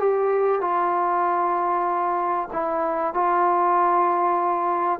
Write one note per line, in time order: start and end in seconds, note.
0.00 0.61 G4
0.61 2.49 F4
2.53 3.14 E4
3.14 5.00 F4